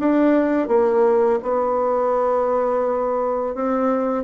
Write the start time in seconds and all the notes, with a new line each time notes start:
0.00 D4
0.69 A#3
1.43 B3
3.55 C4